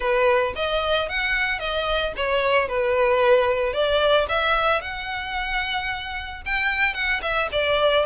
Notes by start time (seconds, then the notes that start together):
0.00 B4
0.55 D#5
1.09 F#5
1.59 D#5
2.16 C#5
2.67 B4
3.73 D5
4.29 E5
4.81 F#5
6.45 G5
6.94 F#5
7.22 E5
7.52 D5